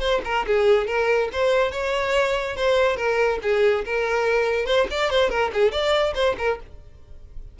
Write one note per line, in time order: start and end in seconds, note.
0.00 0.21 C5
0.25 0.46 A#4
0.46 0.87 G#4
0.87 1.29 A#4
1.33 1.72 C5
1.72 2.56 C#5
2.56 2.97 C5
2.97 3.39 A#4
3.42 3.85 G#4
3.85 4.66 A#4
4.66 4.87 C5
4.91 5.10 D5
5.10 5.30 C5
5.30 5.51 A#4
5.54 5.72 G#4
5.72 6.14 D5
6.15 6.36 C5
6.38 6.60 A#4